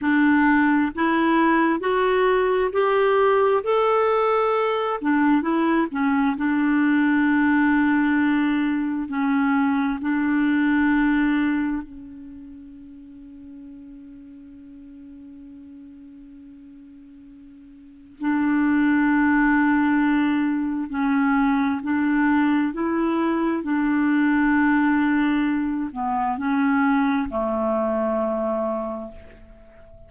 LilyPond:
\new Staff \with { instrumentName = "clarinet" } { \time 4/4 \tempo 4 = 66 d'4 e'4 fis'4 g'4 | a'4. d'8 e'8 cis'8 d'4~ | d'2 cis'4 d'4~ | d'4 cis'2.~ |
cis'1 | d'2. cis'4 | d'4 e'4 d'2~ | d'8 b8 cis'4 a2 | }